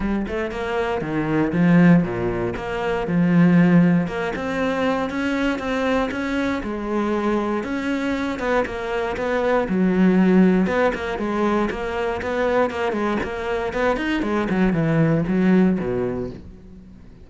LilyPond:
\new Staff \with { instrumentName = "cello" } { \time 4/4 \tempo 4 = 118 g8 a8 ais4 dis4 f4 | ais,4 ais4 f2 | ais8 c'4. cis'4 c'4 | cis'4 gis2 cis'4~ |
cis'8 b8 ais4 b4 fis4~ | fis4 b8 ais8 gis4 ais4 | b4 ais8 gis8 ais4 b8 dis'8 | gis8 fis8 e4 fis4 b,4 | }